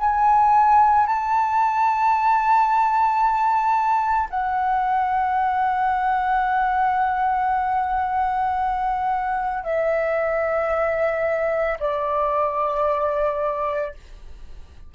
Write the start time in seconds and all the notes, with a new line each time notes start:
0.00 G#5
1.07 A5
4.31 F#5
9.64 E5
11.80 D5